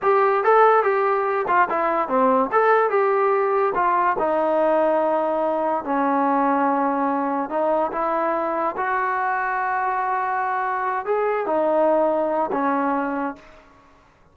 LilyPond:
\new Staff \with { instrumentName = "trombone" } { \time 4/4 \tempo 4 = 144 g'4 a'4 g'4. f'8 | e'4 c'4 a'4 g'4~ | g'4 f'4 dis'2~ | dis'2 cis'2~ |
cis'2 dis'4 e'4~ | e'4 fis'2.~ | fis'2~ fis'8 gis'4 dis'8~ | dis'2 cis'2 | }